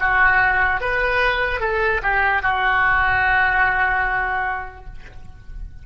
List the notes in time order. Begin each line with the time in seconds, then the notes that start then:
0.00 F#4
0.81 B4
1.60 A4
2.03 G4
2.42 F#4